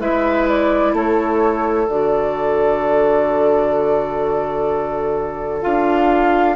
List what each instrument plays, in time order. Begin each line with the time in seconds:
0.00 bassoon G#3, clarinet E4, oboe B4, flute E5
0.48 flute D5
0.94 bassoon A3, oboe A4, flute C#5
1.88 bassoon D3, clarinet F#4, flute D5
5.62 bassoon D4, clarinet F4, flute F5